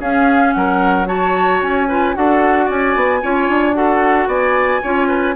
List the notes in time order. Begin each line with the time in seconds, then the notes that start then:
0.00 C#4 G#4 F5
0.53 F#3 A#4 F#5
1.06 F#4 C#5 A5
1.62 C#4 G#5
1.89 F4 B4
2.15 D4 F#4 A4 F#5
2.66 C#4 D5 G#5
2.96 B3
3.23 C#4 F4 C#5
3.49 D4
3.74 F#4 A4 F#5
4.27 B3 D5 G#5
4.83 C#4 F4 C#5
5.08 B4